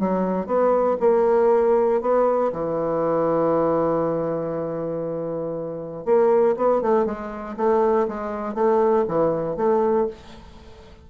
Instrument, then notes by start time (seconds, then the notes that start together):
bassoon
0.00 F#3
0.47 B3
1.01 A#3
2.01 B3
2.53 E3
6.05 A#3
6.57 B3
6.82 A3
7.06 G#3
7.57 A3
8.08 G#3
8.55 A3
9.08 E3
9.57 A3